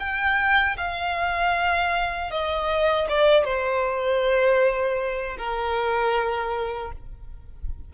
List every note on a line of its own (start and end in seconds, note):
0.00 0.77 G5
0.78 2.31 F5
2.31 3.08 D#5
3.09 3.45 D5
3.45 5.37 C5
5.38 6.92 A#4